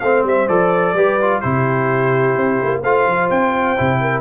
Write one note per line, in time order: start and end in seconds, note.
0.00 0.24 A3
0.00 0.49 C4
0.00 0.96 C5
0.00 0.23 F5
0.24 0.48 G3
0.24 0.48 E5
0.48 0.94 F3
0.48 0.96 A4
0.48 1.41 D5
0.94 1.41 G3
0.94 1.21 G4
0.94 1.42 B4
1.22 1.43 F4
1.41 2.37 C3
1.41 2.84 E4
1.41 2.82 G4
1.41 2.82 C5
2.37 2.60 C4
2.64 2.84 A#3
2.82 3.07 A3
2.82 3.77 F4
2.82 3.99 C5
2.82 3.30 F5
3.07 3.30 F3
3.31 3.78 C4
3.31 4.21 G5
3.77 4.21 C3
3.77 4.21 E4
4.01 4.21 A#4